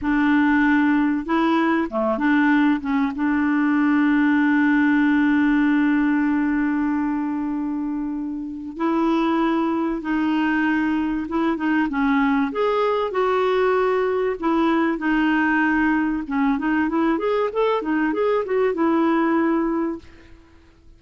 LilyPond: \new Staff \with { instrumentName = "clarinet" } { \time 4/4 \tempo 4 = 96 d'2 e'4 a8 d'8~ | d'8 cis'8 d'2.~ | d'1~ | d'2 e'2 |
dis'2 e'8 dis'8 cis'4 | gis'4 fis'2 e'4 | dis'2 cis'8 dis'8 e'8 gis'8 | a'8 dis'8 gis'8 fis'8 e'2 | }